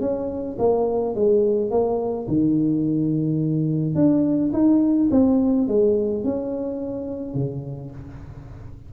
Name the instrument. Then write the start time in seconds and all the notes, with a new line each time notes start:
tuba
0.00 C#4
0.58 A#3
1.15 G#3
1.70 A#3
2.28 D#3
3.95 D4
4.53 D#4
5.11 C4
5.68 G#3
6.23 C#4
7.34 C#3